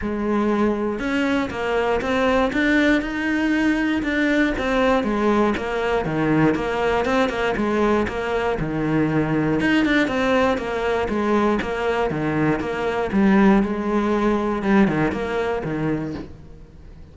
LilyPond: \new Staff \with { instrumentName = "cello" } { \time 4/4 \tempo 4 = 119 gis2 cis'4 ais4 | c'4 d'4 dis'2 | d'4 c'4 gis4 ais4 | dis4 ais4 c'8 ais8 gis4 |
ais4 dis2 dis'8 d'8 | c'4 ais4 gis4 ais4 | dis4 ais4 g4 gis4~ | gis4 g8 dis8 ais4 dis4 | }